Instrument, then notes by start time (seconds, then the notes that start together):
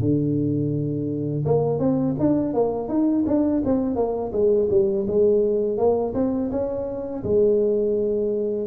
tuba
0.00 D3
1.45 A#3
1.79 C4
2.19 D4
2.54 A#3
2.88 D#4
3.26 D4
3.65 C4
3.95 A#3
4.32 G#3
4.70 G3
5.07 G#3
5.77 A#3
6.14 C4
6.51 C#4
7.23 G#3